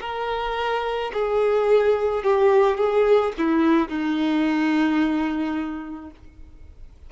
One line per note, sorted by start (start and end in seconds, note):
0.00 1.11 A#4
1.13 2.23 G#4
2.23 2.77 G4
2.77 3.32 G#4
3.37 3.88 E4
3.88 6.10 D#4